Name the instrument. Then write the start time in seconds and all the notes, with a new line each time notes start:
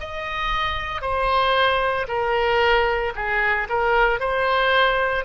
oboe
0.00 D#5
1.02 C5
2.08 A#4
3.16 G#4
3.69 A#4
4.20 C5